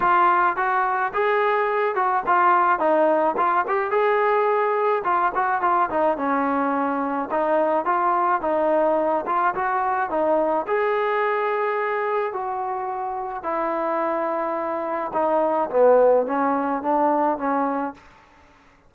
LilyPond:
\new Staff \with { instrumentName = "trombone" } { \time 4/4 \tempo 4 = 107 f'4 fis'4 gis'4. fis'8 | f'4 dis'4 f'8 g'8 gis'4~ | gis'4 f'8 fis'8 f'8 dis'8 cis'4~ | cis'4 dis'4 f'4 dis'4~ |
dis'8 f'8 fis'4 dis'4 gis'4~ | gis'2 fis'2 | e'2. dis'4 | b4 cis'4 d'4 cis'4 | }